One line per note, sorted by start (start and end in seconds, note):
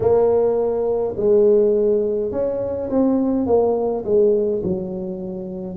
0.00 1.14 A#3
1.16 2.31 G#3
2.31 2.89 C#4
2.89 3.46 C4
3.46 4.04 A#3
4.04 4.62 G#3
4.63 5.77 F#3